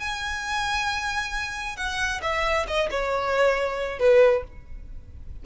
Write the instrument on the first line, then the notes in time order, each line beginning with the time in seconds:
violin
0.00 G#5
1.77 F#5
2.22 E5
2.68 D#5
2.91 C#5
3.99 B4